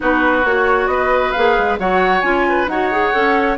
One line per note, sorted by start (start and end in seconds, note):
0.00 0.44 B3
0.00 0.41 D#4
0.00 0.90 F#4
0.00 0.45 B4
0.44 0.86 A#3
0.44 1.35 F#4
0.44 0.87 C#5
0.86 1.31 B3
0.86 1.79 B4
0.86 1.31 D#5
1.31 1.58 A#3
1.31 1.79 G#4
1.31 1.76 F5
1.58 1.78 G#3
1.78 2.22 F#3
1.78 2.22 F#4
1.78 2.46 C#5
1.78 2.21 F#5
2.21 2.66 C#4
2.21 2.67 F4
2.21 2.65 G#5
2.48 2.70 B4
2.66 3.11 D#4
2.66 2.91 F#4
2.66 3.57 C#5
2.66 3.57 F#5
2.91 3.13 G#4
3.13 3.57 C#4
3.13 3.57 A4